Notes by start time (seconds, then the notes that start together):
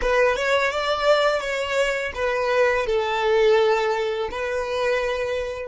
0.01 B4
0.35 C#5
0.71 D5
1.40 C#5
2.15 B4
2.86 A4
4.31 B4